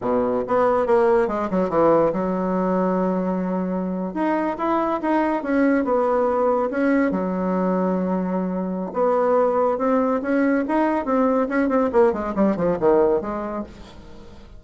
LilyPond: \new Staff \with { instrumentName = "bassoon" } { \time 4/4 \tempo 4 = 141 b,4 b4 ais4 gis8 fis8 | e4 fis2.~ | fis4.~ fis16 dis'4 e'4 dis'16~ | dis'8. cis'4 b2 cis'16~ |
cis'8. fis2.~ fis16~ | fis4 b2 c'4 | cis'4 dis'4 c'4 cis'8 c'8 | ais8 gis8 g8 f8 dis4 gis4 | }